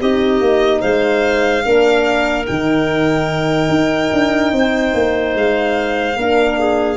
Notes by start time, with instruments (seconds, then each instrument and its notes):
0.00 tuba C4, horn D#4, clarinet G4, violin D#5
0.40 tuba A#3
0.80 tuba G#3, clarinet C5, violin F5
1.64 tuba A#3, horn D4, clarinet A#4
2.45 tuba D#3, horn D#4, violin G5
3.69 tuba D#4
4.13 tuba D4
4.52 tuba C4, clarinet C5
4.94 tuba A#3
5.34 tuba G#3, violin F5
6.16 tuba A#3, horn D4, clarinet A#4
6.59 clarinet G#4